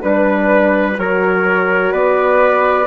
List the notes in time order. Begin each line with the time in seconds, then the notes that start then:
0.00 G3 D4 B4
0.98 F#3 F#4 A#4 C#5
1.92 B3 B4 D5